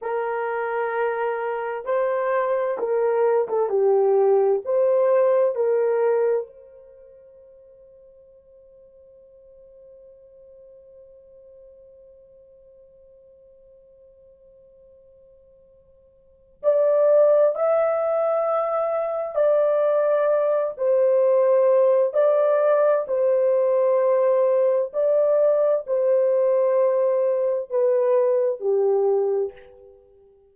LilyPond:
\new Staff \with { instrumentName = "horn" } { \time 4/4 \tempo 4 = 65 ais'2 c''4 ais'8. a'16 | g'4 c''4 ais'4 c''4~ | c''1~ | c''1~ |
c''2 d''4 e''4~ | e''4 d''4. c''4. | d''4 c''2 d''4 | c''2 b'4 g'4 | }